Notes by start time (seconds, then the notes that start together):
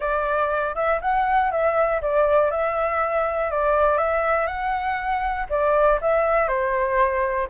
0.00 D5
0.75 E5
1.01 F#5
1.51 E5
2.01 D5
2.50 E5
3.50 D5
3.97 E5
4.46 F#5
5.49 D5
6.01 E5
6.48 C5